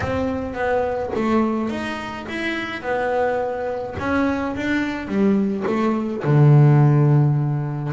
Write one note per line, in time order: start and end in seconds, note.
0.00 0.54 C4
0.54 1.10 B3
1.14 1.69 A3
1.69 2.26 D#4
2.28 2.81 E4
2.81 3.95 B3
3.99 4.55 C#4
4.56 5.07 D4
5.07 5.64 G3
5.66 6.23 A3
6.23 7.92 D3